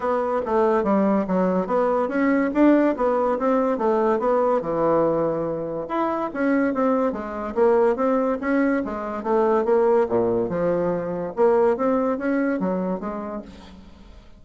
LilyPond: \new Staff \with { instrumentName = "bassoon" } { \time 4/4 \tempo 4 = 143 b4 a4 g4 fis4 | b4 cis'4 d'4 b4 | c'4 a4 b4 e4~ | e2 e'4 cis'4 |
c'4 gis4 ais4 c'4 | cis'4 gis4 a4 ais4 | ais,4 f2 ais4 | c'4 cis'4 fis4 gis4 | }